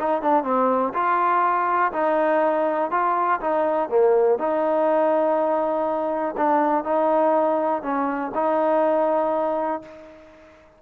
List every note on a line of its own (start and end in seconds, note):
0.00 0.23 D#4
0.23 0.44 D4
0.44 0.93 C4
0.94 1.92 F4
1.92 2.91 D#4
2.91 3.40 F4
3.41 3.89 D#4
3.89 4.39 A#3
4.39 6.35 D#4
6.38 6.85 D4
6.85 7.83 D#4
7.83 8.32 C#4
8.35 9.82 D#4